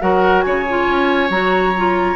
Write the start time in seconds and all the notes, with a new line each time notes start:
0.00 F#3 F#4 A#4 F#5
0.42 C#3 C#5 G#5
0.69 F4
0.87 C#4
1.29 F#3 F#4 A#5
1.77 F4